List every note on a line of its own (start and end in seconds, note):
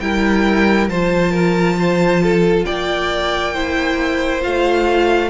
0.00 0.88 G3
0.00 0.90 E4
0.00 0.90 A#4
0.00 0.88 G5
0.89 2.65 F3
0.89 3.55 F4
0.89 1.31 C5
0.89 2.65 A5
1.31 1.76 A#4
1.79 2.23 C5
2.23 2.66 A4
2.65 4.45 A#3
2.65 3.53 D5
2.65 4.41 G5
3.53 4.42 E4
3.53 5.30 C5
4.42 5.30 A3
4.42 5.30 F4
4.42 5.30 F5